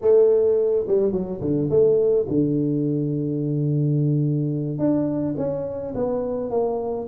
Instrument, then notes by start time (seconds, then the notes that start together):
tuba
0.01 A3
0.87 G3
1.12 F#3
1.40 D3
1.70 A3
2.28 D3
4.78 D4
5.37 C#4
5.94 B3
6.50 A#3